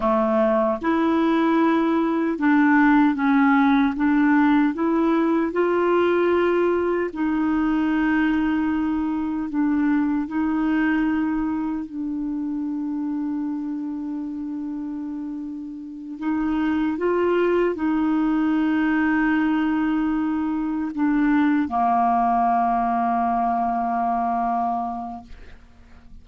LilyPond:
\new Staff \with { instrumentName = "clarinet" } { \time 4/4 \tempo 4 = 76 a4 e'2 d'4 | cis'4 d'4 e'4 f'4~ | f'4 dis'2. | d'4 dis'2 d'4~ |
d'1~ | d'8 dis'4 f'4 dis'4.~ | dis'2~ dis'8 d'4 ais8~ | ais1 | }